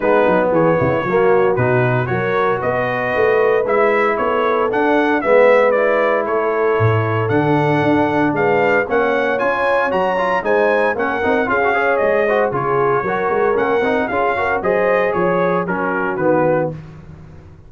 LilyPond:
<<
  \new Staff \with { instrumentName = "trumpet" } { \time 4/4 \tempo 4 = 115 b'4 cis''2 b'4 | cis''4 dis''2 e''4 | cis''4 fis''4 e''4 d''4 | cis''2 fis''2 |
f''4 fis''4 gis''4 ais''4 | gis''4 fis''4 f''4 dis''4 | cis''2 fis''4 f''4 | dis''4 cis''4 ais'4 b'4 | }
  \new Staff \with { instrumentName = "horn" } { \time 4/4 dis'4 gis'8 e'8 fis'2 | ais'4 b'2. | a'2 b'2 | a'1 |
b'4 cis''2. | c''4 ais'4 gis'8 cis''4 c''8 | gis'4 ais'2 gis'8 ais'8 | c''4 cis''4 fis'2 | }
  \new Staff \with { instrumentName = "trombone" } { \time 4/4 b2 ais4 dis'4 | fis'2. e'4~ | e'4 d'4 b4 e'4~ | e'2 d'2~ |
d'4 cis'4 f'4 fis'8 f'8 | dis'4 cis'8 dis'8 f'16 fis'16 gis'4 fis'8 | f'4 fis'4 cis'8 dis'8 f'8 fis'8 | gis'2 cis'4 b4 | }
  \new Staff \with { instrumentName = "tuba" } { \time 4/4 gis8 fis8 e8 cis8 fis4 b,4 | fis4 b4 a4 gis4 | b4 d'4 gis2 | a4 a,4 d4 d'4 |
gis4 ais4 cis'4 fis4 | gis4 ais8 c'8 cis'4 gis4 | cis4 fis8 gis8 ais8 c'8 cis'4 | fis4 f4 fis4 dis4 | }
>>